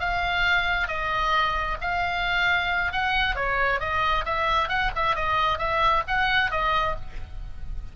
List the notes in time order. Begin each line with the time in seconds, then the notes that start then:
0.00 F5
0.88 D#5
1.81 F5
2.93 F#5
3.36 C#5
3.80 D#5
4.25 E5
4.69 F#5
4.95 E5
5.16 D#5
5.58 E5
6.08 F#5
6.51 D#5